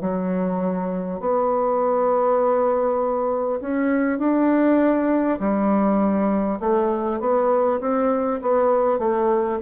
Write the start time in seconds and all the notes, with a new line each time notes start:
0.00 F#3
1.20 B3
3.61 C#4
4.18 D4
5.39 G3
6.59 A3
7.20 B3
7.80 C4
8.41 B3
8.98 A3